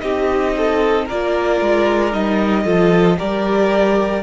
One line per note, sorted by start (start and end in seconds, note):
0.00 1.08 C4
0.00 1.08 D#4
0.00 0.56 G4
0.00 1.05 D#5
0.57 1.06 A4
1.06 1.61 A#3
1.06 2.12 F4
1.06 2.64 A#4
1.06 2.13 D5
1.61 2.13 G#3
2.12 2.65 G3
2.12 2.64 D#4
2.12 3.18 D#5
2.64 3.18 F3
2.64 3.18 F4
2.64 3.17 A4
3.18 4.23 G3
3.18 4.23 G4
3.18 4.23 A#4
3.18 4.23 D5